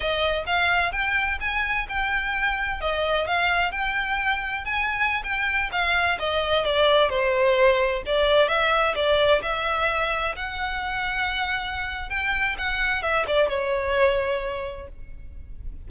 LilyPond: \new Staff \with { instrumentName = "violin" } { \time 4/4 \tempo 4 = 129 dis''4 f''4 g''4 gis''4 | g''2 dis''4 f''4 | g''2 gis''4~ gis''16 g''8.~ | g''16 f''4 dis''4 d''4 c''8.~ |
c''4~ c''16 d''4 e''4 d''8.~ | d''16 e''2 fis''4.~ fis''16~ | fis''2 g''4 fis''4 | e''8 d''8 cis''2. | }